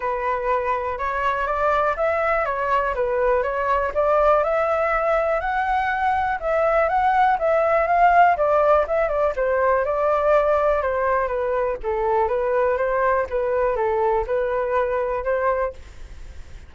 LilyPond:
\new Staff \with { instrumentName = "flute" } { \time 4/4 \tempo 4 = 122 b'2 cis''4 d''4 | e''4 cis''4 b'4 cis''4 | d''4 e''2 fis''4~ | fis''4 e''4 fis''4 e''4 |
f''4 d''4 e''8 d''8 c''4 | d''2 c''4 b'4 | a'4 b'4 c''4 b'4 | a'4 b'2 c''4 | }